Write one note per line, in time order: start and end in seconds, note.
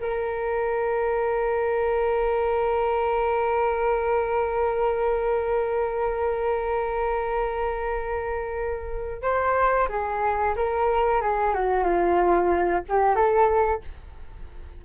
0.00 9.22 A#4
9.22 9.88 C5
9.88 10.54 G#4
10.56 11.21 A#4
11.21 11.54 G#4
11.54 11.84 F#4
11.84 12.83 F4
12.88 13.15 G4
13.15 13.81 A4